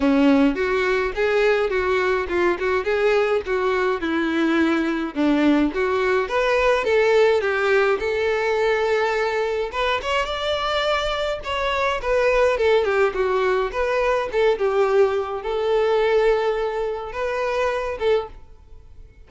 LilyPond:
\new Staff \with { instrumentName = "violin" } { \time 4/4 \tempo 4 = 105 cis'4 fis'4 gis'4 fis'4 | f'8 fis'8 gis'4 fis'4 e'4~ | e'4 d'4 fis'4 b'4 | a'4 g'4 a'2~ |
a'4 b'8 cis''8 d''2 | cis''4 b'4 a'8 g'8 fis'4 | b'4 a'8 g'4. a'4~ | a'2 b'4. a'8 | }